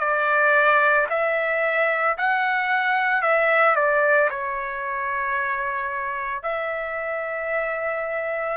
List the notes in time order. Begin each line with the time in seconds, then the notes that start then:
0.00 D5
1.10 E5
2.18 F#5
3.22 E5
3.76 D5
4.30 C#5
6.43 E5